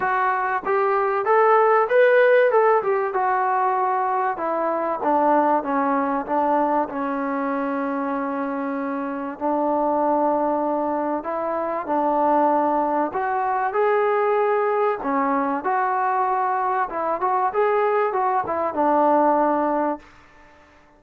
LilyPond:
\new Staff \with { instrumentName = "trombone" } { \time 4/4 \tempo 4 = 96 fis'4 g'4 a'4 b'4 | a'8 g'8 fis'2 e'4 | d'4 cis'4 d'4 cis'4~ | cis'2. d'4~ |
d'2 e'4 d'4~ | d'4 fis'4 gis'2 | cis'4 fis'2 e'8 fis'8 | gis'4 fis'8 e'8 d'2 | }